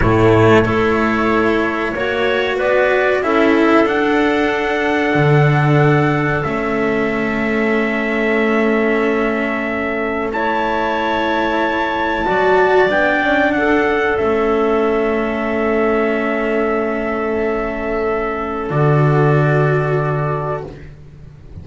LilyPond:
<<
  \new Staff \with { instrumentName = "trumpet" } { \time 4/4 \tempo 4 = 93 cis''1 | d''4 e''4 fis''2~ | fis''2 e''2~ | e''1 |
a''1 | g''4 fis''4 e''2~ | e''1~ | e''4 d''2. | }
  \new Staff \with { instrumentName = "clarinet" } { \time 4/4 e'4 a'2 cis''4 | b'4 a'2.~ | a'1~ | a'1 |
cis''2. d''4~ | d''4 a'2.~ | a'1~ | a'1 | }
  \new Staff \with { instrumentName = "cello" } { \time 4/4 a4 e'2 fis'4~ | fis'4 e'4 d'2~ | d'2 cis'2~ | cis'1 |
e'2. fis'4 | d'2 cis'2~ | cis'1~ | cis'4 fis'2. | }
  \new Staff \with { instrumentName = "double bass" } { \time 4/4 a,4 a2 ais4 | b4 cis'4 d'2 | d2 a2~ | a1~ |
a2. fis4 | b8 cis'8 d'4 a2~ | a1~ | a4 d2. | }
>>